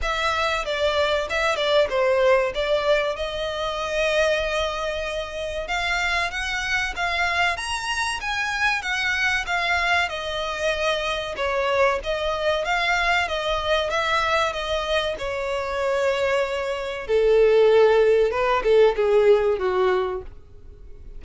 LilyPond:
\new Staff \with { instrumentName = "violin" } { \time 4/4 \tempo 4 = 95 e''4 d''4 e''8 d''8 c''4 | d''4 dis''2.~ | dis''4 f''4 fis''4 f''4 | ais''4 gis''4 fis''4 f''4 |
dis''2 cis''4 dis''4 | f''4 dis''4 e''4 dis''4 | cis''2. a'4~ | a'4 b'8 a'8 gis'4 fis'4 | }